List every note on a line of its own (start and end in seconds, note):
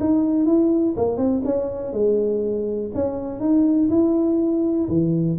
0.00 0.46 D#4
0.46 0.95 E4
0.97 1.17 A#3
1.17 1.42 C4
1.45 1.92 C#4
1.92 2.91 G#3
2.94 3.40 C#4
3.40 3.89 D#4
3.89 4.88 E4
4.88 5.37 E3